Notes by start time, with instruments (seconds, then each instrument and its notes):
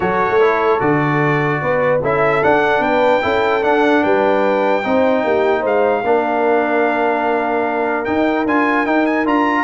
0.00 tuba F#3, trombone F#4, horn A4, trumpet C#5
0.29 tuba A3
0.40 trombone E4
0.79 tuba D3, trombone F#4, trumpet D5
1.61 tuba B3, horn B4
2.01 tuba C#4, trombone E4, horn A4, trumpet E5
2.42 trombone D4, tuba D4, trumpet F#5
2.79 tuba B3, horn B4, trumpet G5
3.21 tuba C#4, trombone E4, horn A4
3.61 trombone D4, tuba D4, trumpet F#5
4.03 tuba G3, horn B4, trumpet G5
4.83 tuba C4, trombone D#4, horn C5
5.24 tuba A#3, horn G4
5.60 tuba G#3, horn C5, trumpet F5
6.03 tuba A#3, trombone D4, horn A#4
8.04 trombone D#4, tuba D#4, trumpet G5
8.46 tuba D4, trombone F4, trumpet G#5
8.85 trombone D#4, tuba D#4, trumpet G5
9.05 trumpet G#5
9.25 tuba D4, trombone F4, trumpet A#5